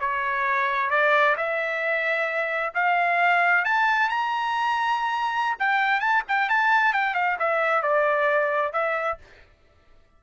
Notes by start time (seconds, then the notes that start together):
0.00 C#5
0.90 D5
1.37 E5
2.75 F5
3.65 A5
4.09 A#5
5.60 G5
6.00 A5
6.28 G5
6.49 A5
6.93 G5
7.14 F5
7.39 E5
7.83 D5
8.73 E5